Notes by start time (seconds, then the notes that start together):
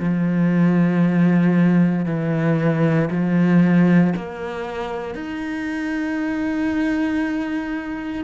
0.00 F3
2.06 E3
3.11 F3
4.17 A#3
5.15 D#4